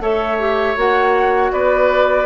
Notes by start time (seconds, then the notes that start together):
0.00 A3 A4 C#5 E5
0.39 G4
0.76 A#3 F#4 F#5
1.52 B3 B4 D5